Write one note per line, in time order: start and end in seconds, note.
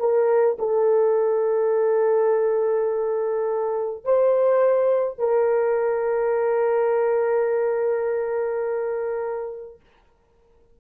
0.00 0.58 A#4
0.59 4.04 A4
4.04 5.19 C5
5.19 9.80 A#4